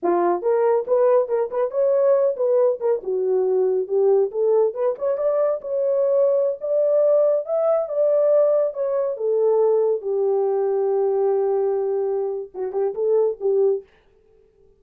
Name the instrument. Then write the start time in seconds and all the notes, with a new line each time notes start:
horn
0.02 F4
0.42 A#4
0.87 B4
1.28 A#4
1.50 B4
1.70 C#5
2.36 B4
2.80 A#4
3.03 F#4
3.87 G4
4.31 A4
4.74 B4
4.98 C#5
5.17 D5
5.61 C#5
6.60 D5
7.45 E5
7.88 D5
8.73 C#5
9.16 A4
10.01 G4
12.54 F#4
12.72 G4
12.94 A4
13.40 G4